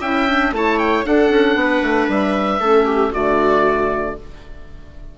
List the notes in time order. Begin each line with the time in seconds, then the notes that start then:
0.00 C#4 E4 E5 G5
0.27 D4
0.52 A3 E4 C#5 A5
0.78 G5
1.04 D4 A4 F#5
1.30 C#4
1.55 B3 B4
1.82 A3
2.08 G3 E5
2.60 A3 C#4 A4
2.85 G4
3.11 D3 A3 F#4 D5